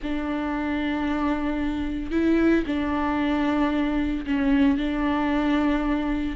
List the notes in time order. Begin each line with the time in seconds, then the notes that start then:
0.02 D4
2.11 E4
2.66 D4
4.26 C#4
4.77 D4